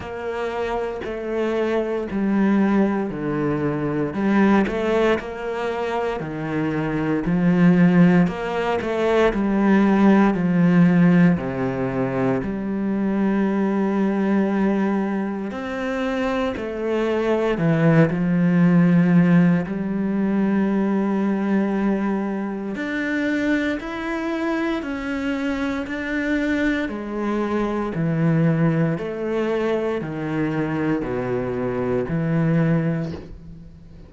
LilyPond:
\new Staff \with { instrumentName = "cello" } { \time 4/4 \tempo 4 = 58 ais4 a4 g4 d4 | g8 a8 ais4 dis4 f4 | ais8 a8 g4 f4 c4 | g2. c'4 |
a4 e8 f4. g4~ | g2 d'4 e'4 | cis'4 d'4 gis4 e4 | a4 dis4 b,4 e4 | }